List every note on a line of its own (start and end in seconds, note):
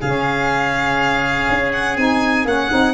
0.00 1.48 C#3
0.00 1.97 C#4
0.00 2.93 G#4
0.00 1.72 F5
1.49 1.97 C#4
1.72 1.96 F#5
1.96 2.45 C4
1.96 2.46 D#4
1.96 2.45 G#5
2.45 2.69 A#3
2.45 2.70 C#4
2.45 2.93 F#5
2.70 2.93 C4
2.70 2.93 D#4